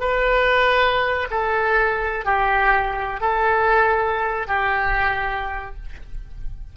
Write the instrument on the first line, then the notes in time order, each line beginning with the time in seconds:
oboe
0.00 B4
1.31 A4
2.25 G4
3.21 A4
4.47 G4